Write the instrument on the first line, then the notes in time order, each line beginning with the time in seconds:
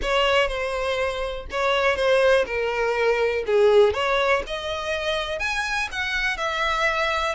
violin
0.01 C#5
0.48 C5
1.50 C#5
1.95 C5
2.46 A#4
3.46 G#4
3.93 C#5
4.46 D#5
5.39 G#5
5.91 F#5
6.37 E5